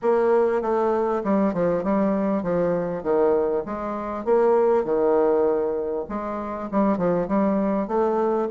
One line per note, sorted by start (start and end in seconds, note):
0.02 0.61 A#3
0.61 1.22 A3
1.24 1.53 G3
1.53 1.83 F3
1.83 2.42 G3
2.42 3.03 F3
3.03 3.63 D#3
3.65 4.25 G#3
4.25 4.84 A#3
4.84 6.05 D#3
6.09 6.69 G#3
6.71 6.97 G3
6.97 7.27 F3
7.28 7.87 G3
7.87 8.48 A3